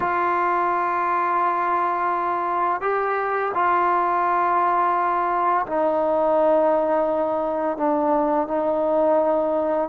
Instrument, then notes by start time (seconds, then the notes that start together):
trombone
0.00 F4
2.81 G4
3.54 F4
5.66 D#4
7.77 D4
8.47 D#4